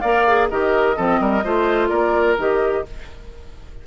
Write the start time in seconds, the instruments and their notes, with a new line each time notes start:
0.00 bassoon A#3, clarinet A#4, oboe D5, flute F5
0.27 clarinet G#4
0.48 bassoon D#3, clarinet G4, oboe A#4, flute D#5
0.96 bassoon F3, clarinet C4, oboe A4
1.20 bassoon G3, oboe A#4
1.44 bassoon A3, clarinet F4, oboe C5
1.88 bassoon A#3, oboe A#4, flute D5
2.38 bassoon D#3, clarinet G4, flute D#5